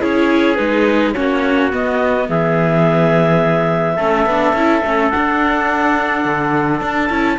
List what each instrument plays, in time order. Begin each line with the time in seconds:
0.00 cello C#4, viola E4, trumpet G#4, clarinet C#5
0.56 cello G#3, viola D#4, clarinet B4
1.13 cello A#3, viola C#4, trumpet F#4, clarinet C#5
1.71 viola B3, cello B3, clarinet D#5
2.29 cello E3, trumpet G#4, clarinet E5
3.96 cello A3, viola C#4, trumpet A4
4.26 cello B3, viola D4
4.53 cello C#4, viola E4
4.85 cello A3, viola C#4
5.10 viola D4, cello D4, clarinet F#5
6.25 cello D3
6.81 cello D4, clarinet A5
7.10 cello C#4, viola E4